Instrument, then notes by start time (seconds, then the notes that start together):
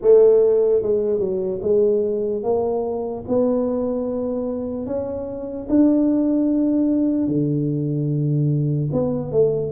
tuba
0.01 A3
0.82 G#3
1.19 F#3
1.62 G#3
2.43 A#3
3.28 B3
4.86 C#4
5.69 D4
7.28 D3
8.92 B3
9.31 A3